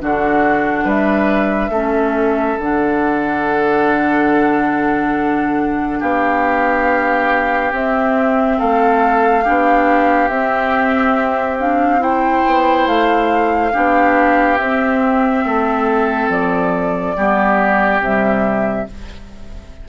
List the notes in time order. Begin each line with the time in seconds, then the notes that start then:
0.00 D3 D4 F#4 F#5
0.85 G3 B4 E5
1.70 A3 C#4 A4
2.59 D3 D4 F#5
6.00 B3 G4 F5
7.72 C4 E5
8.59 A3 A4 F5
9.44 B3 D4 G4
10.29 C4 E5
11.60 D4 F5
12.00 E4 C5 G5
12.46 B3
12.87 A3 F5
13.73 B3 D4 G4
14.58 C4 E5
15.45 A3 A4
16.29 F3 D5
17.17 G3 B3 G4
18.00 C3 G3 E5